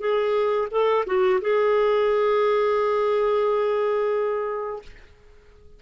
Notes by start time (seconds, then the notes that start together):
0.00 G#4
0.71 A4
1.06 F#4
1.41 G#4